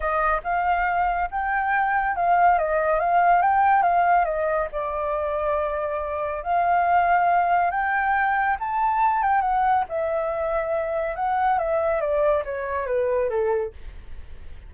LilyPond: \new Staff \with { instrumentName = "flute" } { \time 4/4 \tempo 4 = 140 dis''4 f''2 g''4~ | g''4 f''4 dis''4 f''4 | g''4 f''4 dis''4 d''4~ | d''2. f''4~ |
f''2 g''2 | a''4. g''8 fis''4 e''4~ | e''2 fis''4 e''4 | d''4 cis''4 b'4 a'4 | }